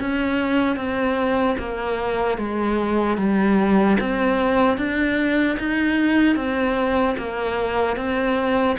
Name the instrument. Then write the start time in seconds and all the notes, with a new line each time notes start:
cello
0.00 C#4
0.76 C4
1.59 A#3
2.38 G#3
3.17 G3
4.00 C4
4.77 D4
5.59 D#4
6.36 C4
7.18 A#3
7.96 C4